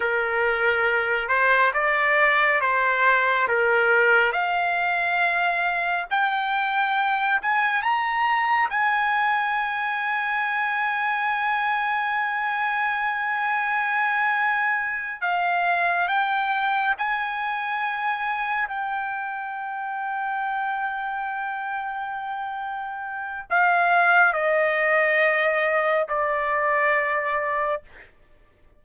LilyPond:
\new Staff \with { instrumentName = "trumpet" } { \time 4/4 \tempo 4 = 69 ais'4. c''8 d''4 c''4 | ais'4 f''2 g''4~ | g''8 gis''8 ais''4 gis''2~ | gis''1~ |
gis''4. f''4 g''4 gis''8~ | gis''4. g''2~ g''8~ | g''2. f''4 | dis''2 d''2 | }